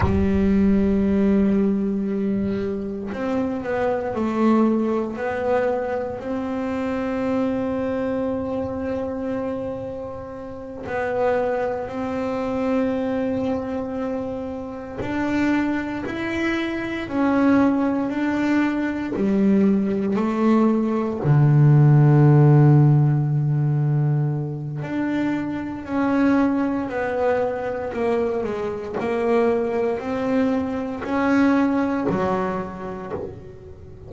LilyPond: \new Staff \with { instrumentName = "double bass" } { \time 4/4 \tempo 4 = 58 g2. c'8 b8 | a4 b4 c'2~ | c'2~ c'8 b4 c'8~ | c'2~ c'8 d'4 e'8~ |
e'8 cis'4 d'4 g4 a8~ | a8 d2.~ d8 | d'4 cis'4 b4 ais8 gis8 | ais4 c'4 cis'4 fis4 | }